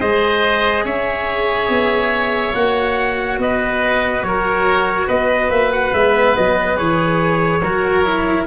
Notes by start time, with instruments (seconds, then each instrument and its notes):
0.00 tuba G#3, cello G#4, oboe C5, trumpet D#5
0.85 tuba C#4, oboe C#5, trumpet E5
1.69 tuba B3
2.54 tuba A#3, cello F#4, trumpet F#5
3.38 tuba B3, oboe B4, trumpet D#5
4.23 tuba F#3, oboe A#4, trumpet C#5
5.07 tuba B3, oboe B4, trumpet D#5
5.50 tuba A#3, trumpet E5
5.73 trumpet F#5
5.93 tuba G#3, cello B3, trumpet E5
6.37 tuba F#3, trumpet D#5
6.77 tuba E3, cello G#4, trumpet C#5
7.62 tuba F#3, cello F#4, oboe A#4
8.04 cello E4